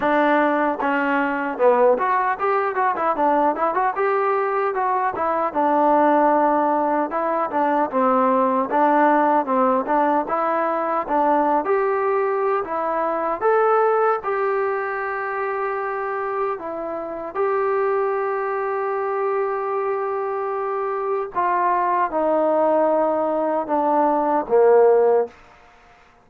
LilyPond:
\new Staff \with { instrumentName = "trombone" } { \time 4/4 \tempo 4 = 76 d'4 cis'4 b8 fis'8 g'8 fis'16 e'16 | d'8 e'16 fis'16 g'4 fis'8 e'8 d'4~ | d'4 e'8 d'8 c'4 d'4 | c'8 d'8 e'4 d'8. g'4~ g'16 |
e'4 a'4 g'2~ | g'4 e'4 g'2~ | g'2. f'4 | dis'2 d'4 ais4 | }